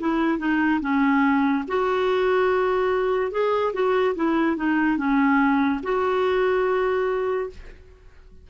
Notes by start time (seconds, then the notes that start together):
0.00 E4
0.39 D#4
0.81 C#4
1.68 F#4
3.32 G#4
3.74 F#4
4.16 E4
4.57 D#4
4.98 C#4
5.83 F#4